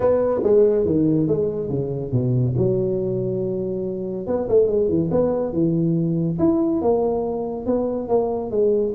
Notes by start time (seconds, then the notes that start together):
0.00 B3
0.43 G#3
0.85 D#3
1.27 G#3
1.69 C#3
2.12 B2
2.57 F#3
4.26 B3
4.48 A3
4.67 G#3
4.88 E3
5.11 B3
5.52 E3
6.38 E4
6.81 A#3
7.65 B3
8.08 A#3
8.50 G#3